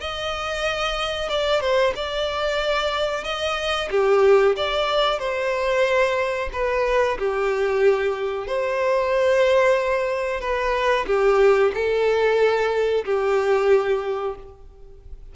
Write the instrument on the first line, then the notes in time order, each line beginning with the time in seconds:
violin
0.00 D#5
1.29 D5
1.61 C5
1.95 D5
3.23 D#5
3.90 G4
4.56 D5
5.19 C5
6.52 B4
7.19 G4
8.47 C5
10.41 B4
11.06 G4
11.74 A4
13.05 G4